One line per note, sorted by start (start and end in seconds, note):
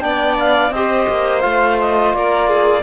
0.00 0.71 B3
0.00 0.71 D4
0.00 0.74 D5
0.00 0.35 G5
0.39 0.71 F5
0.71 1.06 C4
0.71 1.42 G4
0.71 2.16 C5
0.71 1.41 D#5
1.09 1.44 A#3
1.41 2.13 A3
1.41 2.83 F4
1.41 1.76 F5
1.80 2.14 D#5
2.13 2.83 A#3
2.13 2.48 A#4
2.13 2.83 D5
2.48 2.83 G#4